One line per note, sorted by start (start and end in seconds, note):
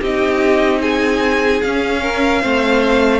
0.00 1.62 C4
0.00 1.63 D#4
0.00 0.80 G4
0.00 0.82 D#5
0.81 2.01 G#4
0.81 1.62 G#5
1.62 2.42 C#4
1.62 2.44 C#4
1.62 3.20 F5
2.02 2.42 A#4
2.42 3.20 A3
2.42 3.20 C4
2.42 3.20 C5